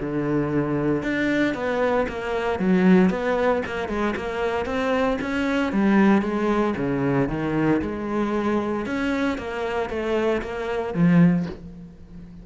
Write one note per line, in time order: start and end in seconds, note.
0.00 1.03 D3
1.03 1.54 D4
1.54 2.06 B3
2.08 2.59 A#3
2.59 3.10 F#3
3.10 3.62 B3
3.66 3.88 A#3
3.88 4.14 G#3
4.16 4.66 A#3
4.66 5.18 C4
5.21 5.72 C#4
5.72 6.22 G3
6.22 6.74 G#3
6.76 7.29 C#3
7.29 7.81 D#3
7.81 8.86 G#3
8.86 9.38 C#4
9.38 9.89 A#3
9.89 10.41 A3
10.42 10.94 A#3
10.94 11.46 F3